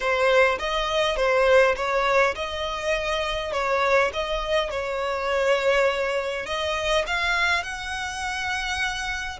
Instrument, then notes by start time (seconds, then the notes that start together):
violin
0.00 C5
0.59 D#5
1.16 C5
1.76 C#5
2.35 D#5
3.52 C#5
4.13 D#5
4.70 C#5
6.46 D#5
7.06 F5
7.63 F#5